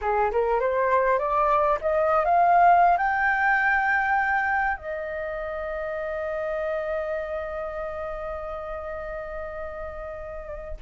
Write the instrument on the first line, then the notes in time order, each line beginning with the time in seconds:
flute
0.01 G#4
0.31 A#4
0.59 C5
1.18 D5
1.81 D#5
2.24 F5
2.97 G5
4.77 D#5